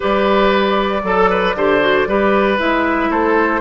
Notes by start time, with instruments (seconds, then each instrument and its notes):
0.00 bassoon G3, clarinet G4, oboe B4, flute D5
1.03 bassoon F#3, clarinet A4, oboe A4
1.30 oboe B4
1.55 bassoon D3, clarinet G4, oboe C5
1.80 clarinet F#4
2.07 bassoon G3, clarinet G4, oboe B4
2.58 bassoon G#3, clarinet E4, flute E5
3.09 bassoon A3, oboe A4, flute C5